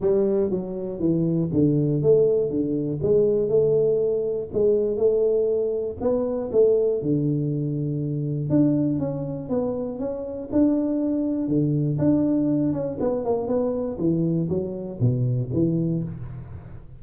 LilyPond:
\new Staff \with { instrumentName = "tuba" } { \time 4/4 \tempo 4 = 120 g4 fis4 e4 d4 | a4 d4 gis4 a4~ | a4 gis4 a2 | b4 a4 d2~ |
d4 d'4 cis'4 b4 | cis'4 d'2 d4 | d'4. cis'8 b8 ais8 b4 | e4 fis4 b,4 e4 | }